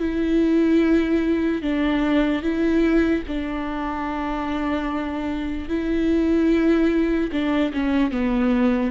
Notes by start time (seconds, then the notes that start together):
0.00 E4
1.62 D4
2.43 E4
3.28 D4
5.69 E4
7.32 D4
7.73 C#4
8.12 B3